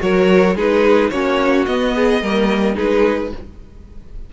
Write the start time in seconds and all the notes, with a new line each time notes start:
0.00 F#3 F#4 A#4 C#5
0.56 G#3 D#4 G#4 B4
1.10 A#3 C#4 F#4 C#5
1.66 B3 D#5
1.96 G#4
2.22 G3 A#3 A#4
2.75 G#3 D#4 G#4 B4